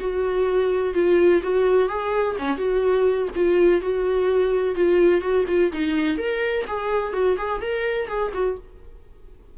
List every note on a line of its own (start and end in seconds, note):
0.00 0.94 F#4
0.94 1.41 F4
1.42 1.89 F#4
1.89 2.36 G#4
2.38 2.57 C#4
2.57 3.28 F#4
3.36 3.81 F4
3.81 4.75 F#4
4.75 5.21 F4
5.21 5.45 F#4
5.48 5.71 F4
5.73 6.17 D#4
6.17 6.65 A#4
6.67 7.13 G#4
7.13 7.37 F#4
7.38 7.61 G#4
7.61 8.08 A#4
8.08 8.32 G#4
8.34 8.57 F#4